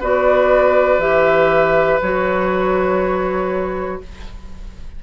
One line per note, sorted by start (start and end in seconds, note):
0.00 0.99 B3
0.00 1.00 F#4
0.00 4.00 B4
0.00 1.00 D5
0.99 1.99 E3
0.99 2.00 G4
0.99 2.00 E5
2.02 4.02 F#3
2.02 4.03 F#4
2.02 4.02 C#5